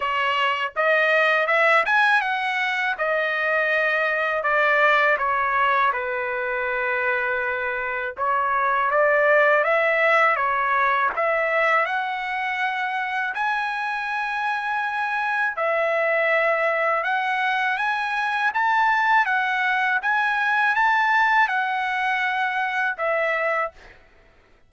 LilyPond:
\new Staff \with { instrumentName = "trumpet" } { \time 4/4 \tempo 4 = 81 cis''4 dis''4 e''8 gis''8 fis''4 | dis''2 d''4 cis''4 | b'2. cis''4 | d''4 e''4 cis''4 e''4 |
fis''2 gis''2~ | gis''4 e''2 fis''4 | gis''4 a''4 fis''4 gis''4 | a''4 fis''2 e''4 | }